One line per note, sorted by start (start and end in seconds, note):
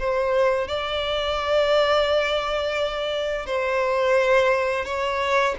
0.00 0.68 C5
0.68 3.47 D5
3.47 4.86 C5
4.86 5.55 C#5